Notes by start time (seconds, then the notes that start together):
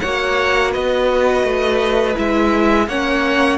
0.00 A#3 F#4 C#5 F#5
0.71 B3 B4 D#5
1.43 A3
2.15 G#3 E4 E5
2.88 A#3 C#4 C#5 F#5